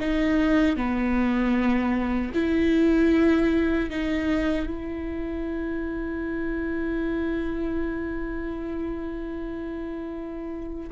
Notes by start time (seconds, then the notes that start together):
0.00 D#4
0.77 B3
2.34 E4
3.90 D#4
4.66 E4